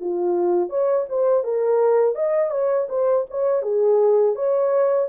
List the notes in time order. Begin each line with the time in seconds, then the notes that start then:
0.00 F4
0.69 C#5
1.08 C5
1.43 A#4
2.15 D#5
2.50 C#5
2.89 C5
3.30 C#5
3.62 G#4
4.35 C#5